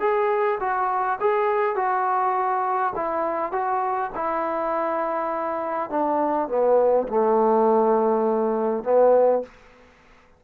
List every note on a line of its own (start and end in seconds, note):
0.00 0.59 G#4
0.60 1.19 F#4
1.21 1.75 G#4
1.75 2.93 F#4
2.96 3.52 E4
3.52 4.11 F#4
4.15 5.90 E4
5.90 6.48 D4
6.48 7.07 B3
7.08 8.84 A3
8.84 9.43 B3